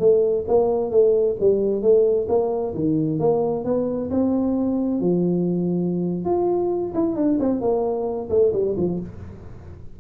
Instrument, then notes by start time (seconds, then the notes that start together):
tuba
0.00 A3
0.48 A#3
0.91 A3
1.40 G3
1.82 A3
2.29 A#3
2.75 D#3
3.20 A#3
3.65 B3
4.11 C4
5.01 F3
6.25 F4
6.95 E4
7.16 D4
7.40 C4
7.61 A#3
8.30 A3
8.53 G3
8.77 F3